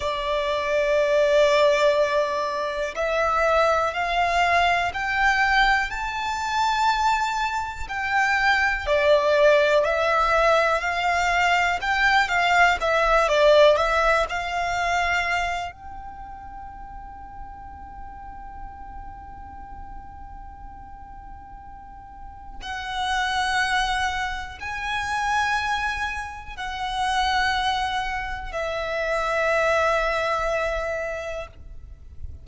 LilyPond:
\new Staff \with { instrumentName = "violin" } { \time 4/4 \tempo 4 = 61 d''2. e''4 | f''4 g''4 a''2 | g''4 d''4 e''4 f''4 | g''8 f''8 e''8 d''8 e''8 f''4. |
g''1~ | g''2. fis''4~ | fis''4 gis''2 fis''4~ | fis''4 e''2. | }